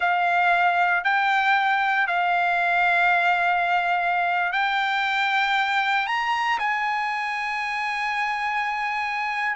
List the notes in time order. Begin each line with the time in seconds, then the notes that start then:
0.00 F5
1.04 G5
2.07 F5
4.52 G5
6.06 A#5
6.58 G#5